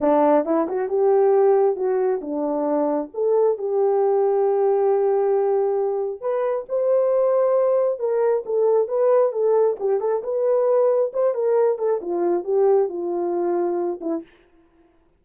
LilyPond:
\new Staff \with { instrumentName = "horn" } { \time 4/4 \tempo 4 = 135 d'4 e'8 fis'8 g'2 | fis'4 d'2 a'4 | g'1~ | g'2 b'4 c''4~ |
c''2 ais'4 a'4 | b'4 a'4 g'8 a'8 b'4~ | b'4 c''8 ais'4 a'8 f'4 | g'4 f'2~ f'8 e'8 | }